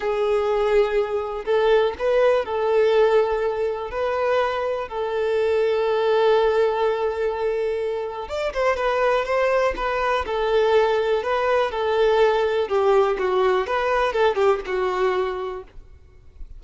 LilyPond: \new Staff \with { instrumentName = "violin" } { \time 4/4 \tempo 4 = 123 gis'2. a'4 | b'4 a'2. | b'2 a'2~ | a'1~ |
a'4 d''8 c''8 b'4 c''4 | b'4 a'2 b'4 | a'2 g'4 fis'4 | b'4 a'8 g'8 fis'2 | }